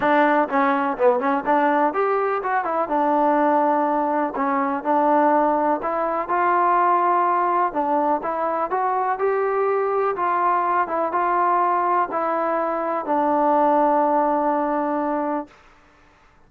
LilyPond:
\new Staff \with { instrumentName = "trombone" } { \time 4/4 \tempo 4 = 124 d'4 cis'4 b8 cis'8 d'4 | g'4 fis'8 e'8 d'2~ | d'4 cis'4 d'2 | e'4 f'2. |
d'4 e'4 fis'4 g'4~ | g'4 f'4. e'8 f'4~ | f'4 e'2 d'4~ | d'1 | }